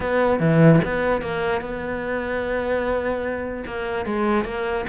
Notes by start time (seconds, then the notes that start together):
0.00 B3
0.39 E3
0.84 B3
1.21 A#3
1.61 B3
3.66 A#3
4.05 G#3
4.44 A#3